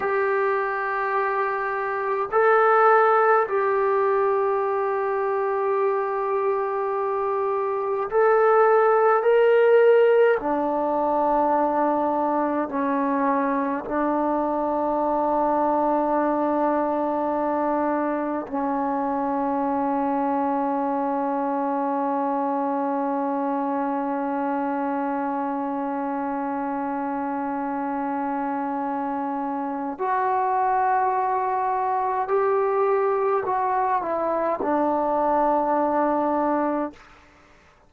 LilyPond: \new Staff \with { instrumentName = "trombone" } { \time 4/4 \tempo 4 = 52 g'2 a'4 g'4~ | g'2. a'4 | ais'4 d'2 cis'4 | d'1 |
cis'1~ | cis'1~ | cis'2 fis'2 | g'4 fis'8 e'8 d'2 | }